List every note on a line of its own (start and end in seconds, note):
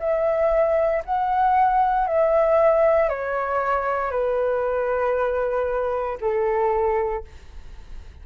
0.00 1.03 E5
1.05 2.07 F#5
2.07 3.09 E5
3.09 4.11 C#5
4.11 6.18 B4
6.21 7.25 A4